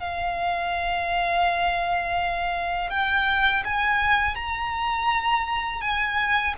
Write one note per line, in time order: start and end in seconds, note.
0.00 2.91 F5
2.91 3.64 G5
3.65 4.36 G#5
4.36 5.82 A#5
5.82 6.55 G#5